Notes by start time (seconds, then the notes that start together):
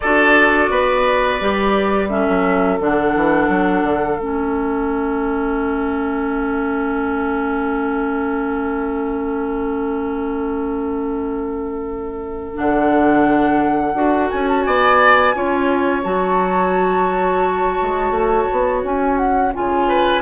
0.00 D4 F#4 A4 D5
0.70 B3 B4
1.40 G3 G4
2.08 C#4 A4 E5
2.28 F#3
2.79 D3 D4 F#5
3.15 E3
3.48 F#3
3.82 D3
4.15 A3 C#4 E5
12.54 D3 D4 F#5
13.93 D4 F#4
14.30 C#4 G#5
14.48 A5
14.62 B3 D5 G#5
15.34 C#4 F4 C#5
16.03 F#3 F#4 A5
17.81 G#3
18.10 A3
18.51 B3
18.83 C#4 G#5
19.17 F#5
19.53 C#3 F4 G#5
19.88 B4